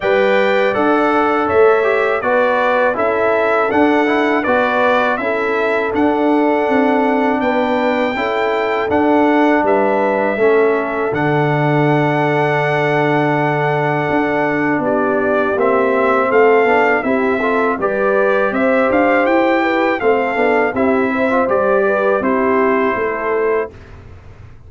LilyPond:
<<
  \new Staff \with { instrumentName = "trumpet" } { \time 4/4 \tempo 4 = 81 g''4 fis''4 e''4 d''4 | e''4 fis''4 d''4 e''4 | fis''2 g''2 | fis''4 e''2 fis''4~ |
fis''1 | d''4 e''4 f''4 e''4 | d''4 e''8 f''8 g''4 f''4 | e''4 d''4 c''2 | }
  \new Staff \with { instrumentName = "horn" } { \time 4/4 d''2 cis''4 b'4 | a'2 b'4 a'4~ | a'2 b'4 a'4~ | a'4 b'4 a'2~ |
a'1 | g'2 a'4 g'8 a'8 | b'4 c''4. b'8 a'4 | g'8 c''4 b'8 g'4 a'4 | }
  \new Staff \with { instrumentName = "trombone" } { \time 4/4 b'4 a'4. g'8 fis'4 | e'4 d'8 e'8 fis'4 e'4 | d'2. e'4 | d'2 cis'4 d'4~ |
d'1~ | d'4 c'4. d'8 e'8 f'8 | g'2. c'8 d'8 | e'8. f'16 g'4 e'2 | }
  \new Staff \with { instrumentName = "tuba" } { \time 4/4 g4 d'4 a4 b4 | cis'4 d'4 b4 cis'4 | d'4 c'4 b4 cis'4 | d'4 g4 a4 d4~ |
d2. d'4 | b4 ais4 a8 b8 c'4 | g4 c'8 d'8 e'4 a8 b8 | c'4 g4 c'4 a4 | }
>>